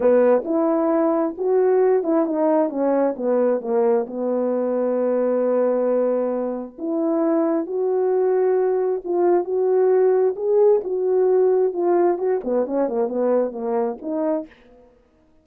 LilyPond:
\new Staff \with { instrumentName = "horn" } { \time 4/4 \tempo 4 = 133 b4 e'2 fis'4~ | fis'8 e'8 dis'4 cis'4 b4 | ais4 b2.~ | b2. e'4~ |
e'4 fis'2. | f'4 fis'2 gis'4 | fis'2 f'4 fis'8 b8 | cis'8 ais8 b4 ais4 dis'4 | }